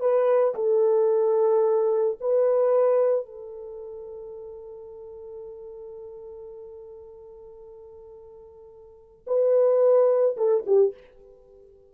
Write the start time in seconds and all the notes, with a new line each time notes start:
0.00 B4
0.55 A4
2.21 B4
3.25 A4
9.27 B4
10.37 A4
10.66 G4